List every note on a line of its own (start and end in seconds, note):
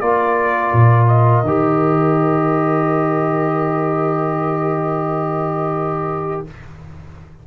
0.00 0.72 A#3
0.00 1.44 F4
0.00 6.44 A#4
0.00 1.07 D5
0.72 1.43 A#2
1.07 6.42 D#5
1.43 6.43 D#3
1.43 6.47 G4